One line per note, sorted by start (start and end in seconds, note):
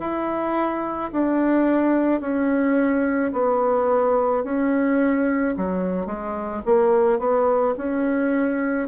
0.00 1.11 E4
1.12 2.21 D4
2.21 3.32 C#4
3.32 4.43 B3
4.44 5.55 C#4
5.57 6.07 F#3
6.07 6.62 G#3
6.65 7.19 A#3
7.19 7.75 B3
7.77 8.88 C#4